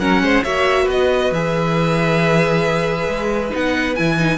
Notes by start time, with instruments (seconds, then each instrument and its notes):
0.00 cello F#3, viola C#4, violin A#4 F#5
0.22 cello G#3, violin C5
0.44 cello A#3, viola F#4, violin C#5 E5
0.84 cello B3, violin B4
0.90 violin D#5
1.32 cello E3, viola G#4, violin E5
3.08 cello G#3
3.50 cello B3, viola D#4, violin F#5
3.96 cello E3, viola E4, violin G#5
4.18 viola D#4